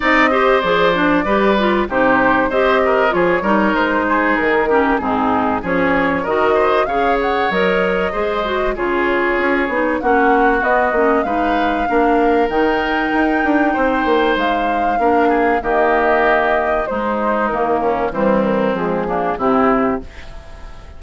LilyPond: <<
  \new Staff \with { instrumentName = "flute" } { \time 4/4 \tempo 4 = 96 dis''4 d''2 c''4 | dis''4 cis''4 c''4 ais'4 | gis'4 cis''4 dis''4 f''8 fis''8 | dis''2 cis''2 |
fis''4 dis''4 f''2 | g''2. f''4~ | f''4 dis''2 c''4 | ais'4 c''8 ais'8 gis'4 g'4 | }
  \new Staff \with { instrumentName = "oboe" } { \time 4/4 d''8 c''4. b'4 g'4 | c''8 ais'8 gis'8 ais'4 gis'4 g'8 | dis'4 gis'4 ais'8 c''8 cis''4~ | cis''4 c''4 gis'2 |
fis'2 b'4 ais'4~ | ais'2 c''2 | ais'8 gis'8 g'2 dis'4~ | dis'8 cis'8 c'4. d'8 e'4 | }
  \new Staff \with { instrumentName = "clarinet" } { \time 4/4 dis'8 g'8 gis'8 d'8 g'8 f'8 dis'4 | g'4 f'8 dis'2 cis'8 | c'4 cis'4 fis'4 gis'4 | ais'4 gis'8 fis'8 f'4. dis'8 |
cis'4 b8 cis'8 dis'4 d'4 | dis'1 | d'4 ais2 gis4 | ais4 g4 gis8 ais8 c'4 | }
  \new Staff \with { instrumentName = "bassoon" } { \time 4/4 c'4 f4 g4 c4 | c'4 f8 g8 gis4 dis4 | gis,4 f4 dis4 cis4 | fis4 gis4 cis4 cis'8 b8 |
ais4 b8 ais8 gis4 ais4 | dis4 dis'8 d'8 c'8 ais8 gis4 | ais4 dis2 gis4 | dis4 e4 f4 c4 | }
>>